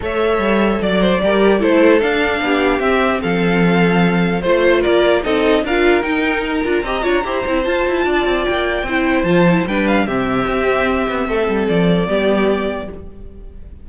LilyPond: <<
  \new Staff \with { instrumentName = "violin" } { \time 4/4 \tempo 4 = 149 e''2 d''2 | c''4 f''2 e''4 | f''2. c''4 | d''4 dis''4 f''4 g''4 |
ais''2. a''4~ | a''4 g''2 a''4 | g''8 f''8 e''2.~ | e''4 d''2. | }
  \new Staff \with { instrumentName = "violin" } { \time 4/4 cis''2 d''8 c''8 ais'4 | a'2 g'2 | a'2. c''4 | ais'4 a'4 ais'2~ |
ais'4 dis''8 cis''8 c''2 | d''2 c''2 | b'4 g'2. | a'2 g'2 | }
  \new Staff \with { instrumentName = "viola" } { \time 4/4 a'2. g'4 | e'4 d'2 c'4~ | c'2. f'4~ | f'4 dis'4 f'4 dis'4~ |
dis'8 f'8 g'8 f'8 g'8 e'8 f'4~ | f'2 e'4 f'8 e'8 | d'4 c'2.~ | c'2 b2 | }
  \new Staff \with { instrumentName = "cello" } { \time 4/4 a4 g4 fis4 g4 | a4 d'4 b4 c'4 | f2. a4 | ais4 c'4 d'4 dis'4~ |
dis'8 d'8 c'8 d'8 e'8 c'8 f'8 e'8 | d'8 c'8 ais4 c'4 f4 | g4 c4 c'4. b8 | a8 g8 f4 g2 | }
>>